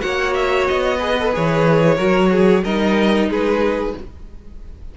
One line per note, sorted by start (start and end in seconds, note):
0.00 0.69 A#3
0.00 0.98 F#4
0.00 0.98 C#5
0.00 0.34 F#5
0.34 0.67 E5
0.68 1.36 B3
0.68 1.34 D#5
0.98 1.16 G#4
0.98 1.95 B4
1.20 1.32 A4
1.32 1.98 E3
1.32 1.97 G#4
1.32 2.65 C#5
1.97 2.64 F#3
1.97 2.63 F#4
1.97 2.30 A#4
2.32 2.64 G#4
2.64 3.29 G3
2.64 3.97 D#4
2.64 3.30 A#4
2.64 3.30 D#5
3.29 3.94 G#3
3.29 3.96 G#4
3.29 3.97 B4